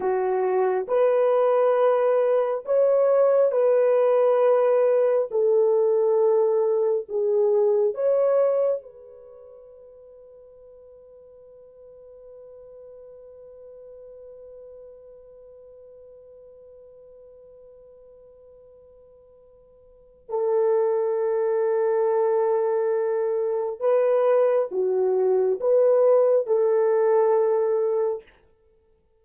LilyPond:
\new Staff \with { instrumentName = "horn" } { \time 4/4 \tempo 4 = 68 fis'4 b'2 cis''4 | b'2 a'2 | gis'4 cis''4 b'2~ | b'1~ |
b'1~ | b'2. a'4~ | a'2. b'4 | fis'4 b'4 a'2 | }